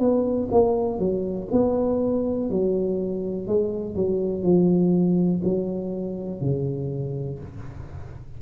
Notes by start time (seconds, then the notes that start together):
0.00 B3
0.52 A#3
0.99 F#3
1.52 B3
2.50 F#3
3.47 G#3
3.96 F#3
4.43 F3
5.44 F#3
6.41 C#3